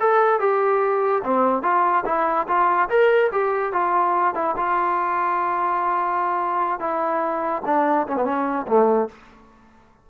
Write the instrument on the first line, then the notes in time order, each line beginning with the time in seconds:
trombone
0.00 A4
0.40 G4
1.24 C4
1.63 F4
2.06 E4
2.48 F4
2.89 A#4
3.32 G4
3.73 F4
4.35 E4
4.57 F4
6.80 E4
7.66 D4
8.08 C#4
8.16 B3
8.25 C#4
8.67 A3